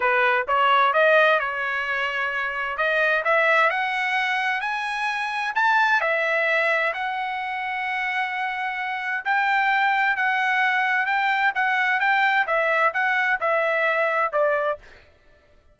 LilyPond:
\new Staff \with { instrumentName = "trumpet" } { \time 4/4 \tempo 4 = 130 b'4 cis''4 dis''4 cis''4~ | cis''2 dis''4 e''4 | fis''2 gis''2 | a''4 e''2 fis''4~ |
fis''1 | g''2 fis''2 | g''4 fis''4 g''4 e''4 | fis''4 e''2 d''4 | }